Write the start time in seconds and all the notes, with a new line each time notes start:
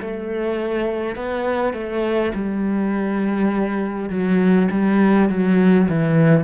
0.00 A3
1.16 B3
1.73 A3
2.34 G3
4.09 F#3
4.71 G3
5.29 F#3
5.89 E3